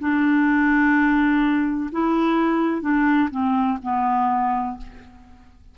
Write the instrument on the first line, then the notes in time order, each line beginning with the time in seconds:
clarinet
0.00 D4
1.92 E4
2.82 D4
3.31 C4
3.83 B3